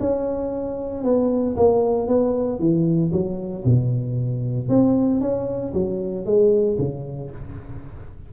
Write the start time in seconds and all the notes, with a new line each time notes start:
0.00 C#4
1.04 B3
1.57 A#3
2.08 B3
2.59 E3
3.12 F#3
3.65 B2
4.69 C4
5.21 C#4
5.73 F#3
6.26 G#3
6.78 C#3